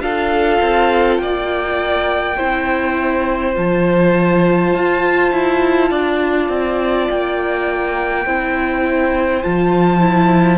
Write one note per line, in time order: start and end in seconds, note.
0.00 0.59 D4
0.00 2.36 F4
0.00 1.21 A4
0.00 1.17 F5
0.61 1.19 C4
1.17 2.37 A#3
1.17 3.52 G5
1.23 2.37 D5
2.37 3.57 C4
2.37 3.55 E4
2.37 5.90 C5
3.55 4.75 F3
3.55 8.25 F4
3.55 7.10 A5
4.75 5.32 F4
5.32 5.91 E4
5.90 6.49 D4
5.90 8.25 D5
6.49 7.08 C4
7.10 8.26 A#3
7.10 9.43 G5
8.25 9.44 C4
8.25 9.44 E4
8.25 10.58 C5
9.43 10.58 F3
9.43 10.00 F4
9.43 10.58 A5
10.00 10.58 E4